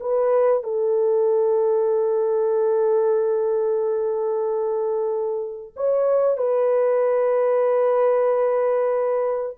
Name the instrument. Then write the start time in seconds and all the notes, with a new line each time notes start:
horn
0.00 B4
0.63 A4
5.76 C#5
6.37 B4